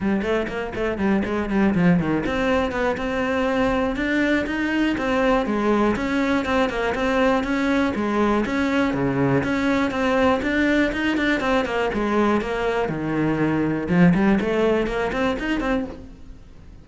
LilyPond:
\new Staff \with { instrumentName = "cello" } { \time 4/4 \tempo 4 = 121 g8 a8 ais8 a8 g8 gis8 g8 f8 | dis8 c'4 b8 c'2 | d'4 dis'4 c'4 gis4 | cis'4 c'8 ais8 c'4 cis'4 |
gis4 cis'4 cis4 cis'4 | c'4 d'4 dis'8 d'8 c'8 ais8 | gis4 ais4 dis2 | f8 g8 a4 ais8 c'8 dis'8 c'8 | }